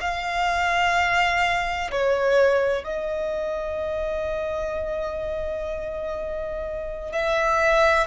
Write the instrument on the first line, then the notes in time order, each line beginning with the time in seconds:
violin
0.00 F5
1.91 C#5
2.84 D#5
7.12 E5